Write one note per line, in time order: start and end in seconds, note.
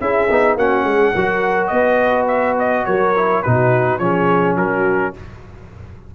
0.00 0.29 C#4
0.00 0.29 E4
0.00 0.57 G#4
0.00 0.57 E5
0.30 0.55 B3
0.30 0.58 D#4
0.55 0.84 A#3
0.55 1.15 C#4
0.55 0.84 F#4
0.55 1.67 F#5
0.84 1.12 G#3
0.84 1.12 G#4
1.14 1.70 F#3
1.14 3.15 F#4
1.14 1.71 A#4
1.67 2.85 B3
1.67 2.86 B4
1.67 2.24 D#5
2.27 2.56 E5
2.58 2.85 D#5
2.85 3.44 F#3
2.85 3.43 A#4
2.85 3.42 C#5
3.15 3.44 E4
3.42 3.99 B2
3.42 4.00 D#4
3.42 4.00 F#4
3.42 3.98 B4
3.98 4.56 F3
3.98 5.14 C#4
3.98 4.57 G#4
3.98 4.55 C#5
4.56 5.13 F#3
4.56 5.14 F#4
4.56 5.14 A#4